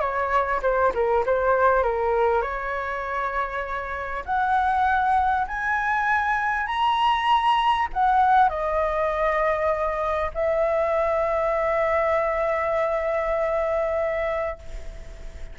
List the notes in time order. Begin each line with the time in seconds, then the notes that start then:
0.00 C#5
0.62 C5
0.94 A#4
1.26 C5
1.83 A#4
2.42 C#5
4.25 F#5
5.47 G#5
6.67 A#5
7.93 F#5
8.49 D#5
10.34 E5